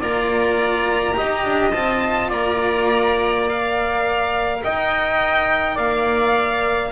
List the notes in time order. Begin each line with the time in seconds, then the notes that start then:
0.00 A#3 F4 D5 A#5
1.13 G4 D#5
1.21 D#4
1.45 D4
1.71 C4 F4 A5
2.29 A#3 D5 A#5
3.47 A#4 F5
4.64 D#4 D#5 G5
5.75 A#3 D5 F5